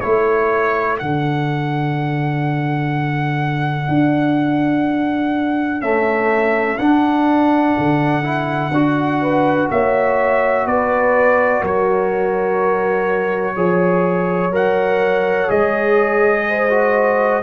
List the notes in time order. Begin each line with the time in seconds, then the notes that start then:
0.00 A3 E4 A4 C#5
0.98 D3 D4 F#5
3.88 D4
5.81 A3 C#4 E5
6.78 D4 F#5
7.78 D3
8.23 E4
8.71 D4 F#4
9.21 B4
9.70 A#3 C#5 E5
10.66 B3 B4 D5
11.61 F#3 A#4 C#5
13.55 F3 G#4 C#5
14.51 F#3 A#4 F#5
15.48 G#3 G#4 D#5
16.49 C5
16.70 F#4